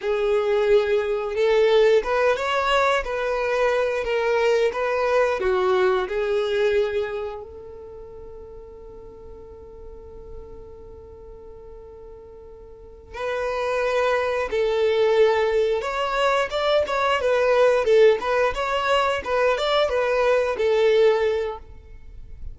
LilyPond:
\new Staff \with { instrumentName = "violin" } { \time 4/4 \tempo 4 = 89 gis'2 a'4 b'8 cis''8~ | cis''8 b'4. ais'4 b'4 | fis'4 gis'2 a'4~ | a'1~ |
a'2.~ a'8 b'8~ | b'4. a'2 cis''8~ | cis''8 d''8 cis''8 b'4 a'8 b'8 cis''8~ | cis''8 b'8 d''8 b'4 a'4. | }